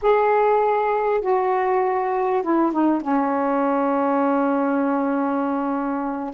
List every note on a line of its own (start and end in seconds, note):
0.02 1.21 G#4
1.21 2.42 F#4
2.42 2.72 E4
2.72 3.01 D#4
3.01 6.34 C#4